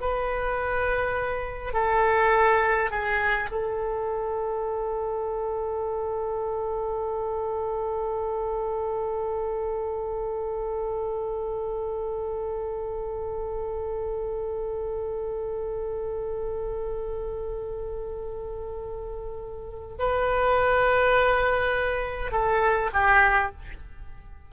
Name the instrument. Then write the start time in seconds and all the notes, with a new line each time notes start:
oboe
0.00 B4
1.73 A4
2.90 G#4
3.51 A4
19.98 B4
22.31 A4
22.93 G4